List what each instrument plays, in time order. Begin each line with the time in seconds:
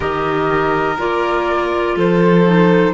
0.00 cello D#3, clarinet G4, violin A#4, flute D#5
0.98 cello A#3, clarinet F4, flute D5
1.96 cello F3, violin A4, flute C5
2.45 clarinet D#4